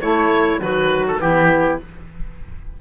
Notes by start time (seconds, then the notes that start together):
0.00 A3 E4 C#5
0.58 D#3 F#3 F#4 B4
1.07 A4
1.18 E3 B3 E4 G4